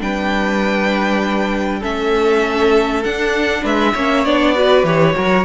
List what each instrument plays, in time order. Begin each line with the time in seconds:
0.00 cello G3, viola D4, violin B4 G5
1.79 cello A3, viola C#4, violin A4 E5
3.03 viola D4, cello D4, violin F#5
3.62 cello G#3, violin B4 E5
3.93 cello A#3, viola C#4, violin C#5
4.24 cello B3, viola D4, violin D5
4.54 viola F#4, violin B4
4.83 cello E3, viola G4, violin C#5
5.13 cello F#3, viola F#4, violin A#4